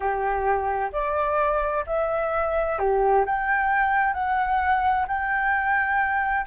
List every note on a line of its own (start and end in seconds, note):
0.00 0.90 G4
0.92 1.84 D5
1.86 2.78 E5
2.78 3.25 G4
3.25 4.13 G5
4.13 5.05 F#5
5.07 6.46 G5